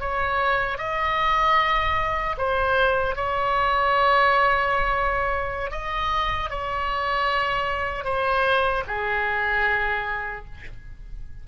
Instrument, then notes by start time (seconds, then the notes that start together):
oboe
0.00 C#5
0.78 D#5
2.38 C5
3.15 C#5
5.71 D#5
6.50 C#5
8.05 C5
8.87 G#4